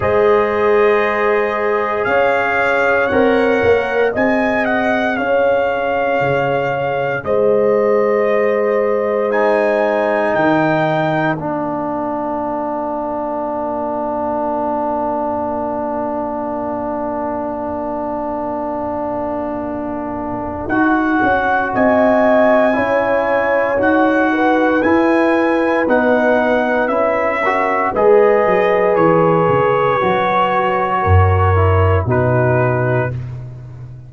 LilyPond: <<
  \new Staff \with { instrumentName = "trumpet" } { \time 4/4 \tempo 4 = 58 dis''2 f''4 fis''4 | gis''8 fis''8 f''2 dis''4~ | dis''4 gis''4 g''4 f''4~ | f''1~ |
f''1 | fis''4 gis''2 fis''4 | gis''4 fis''4 e''4 dis''4 | cis''2. b'4 | }
  \new Staff \with { instrumentName = "horn" } { \time 4/4 c''2 cis''2 | dis''4 cis''2 c''4~ | c''2 ais'2~ | ais'1~ |
ais'1~ | ais'4 dis''4 cis''4. b'8~ | b'2~ b'8 ais'8 b'4~ | b'2 ais'4 fis'4 | }
  \new Staff \with { instrumentName = "trombone" } { \time 4/4 gis'2. ais'4 | gis'1~ | gis'4 dis'2 d'4~ | d'1~ |
d'1 | fis'2 e'4 fis'4 | e'4 dis'4 e'8 fis'8 gis'4~ | gis'4 fis'4. e'8 dis'4 | }
  \new Staff \with { instrumentName = "tuba" } { \time 4/4 gis2 cis'4 c'8 ais8 | c'4 cis'4 cis4 gis4~ | gis2 dis4 ais4~ | ais1~ |
ais1 | dis'8 cis'8 c'4 cis'4 dis'4 | e'4 b4 cis'4 gis8 fis8 | e8 cis8 fis4 fis,4 b,4 | }
>>